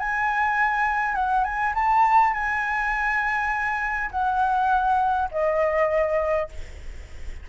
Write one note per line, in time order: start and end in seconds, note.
0.00 1.16 G#5
1.16 1.45 F#5
1.45 1.74 G#5
1.75 2.34 A5
2.34 4.11 G#5
4.12 5.29 F#5
5.32 6.50 D#5